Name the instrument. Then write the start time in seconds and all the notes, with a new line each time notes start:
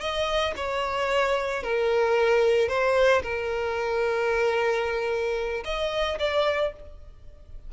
violin
0.00 D#5
0.56 C#5
1.63 A#4
2.68 C5
3.22 A#4
5.64 D#5
6.19 D5